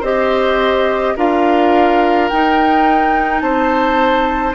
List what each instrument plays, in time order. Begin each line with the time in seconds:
0.00 bassoon C4, clarinet G4, oboe C5, flute D#5
1.16 bassoon D4, clarinet F4, oboe A#4, flute F5
2.29 clarinet D#4, bassoon D#4, flute G5
3.40 bassoon C4, oboe C5, flute A5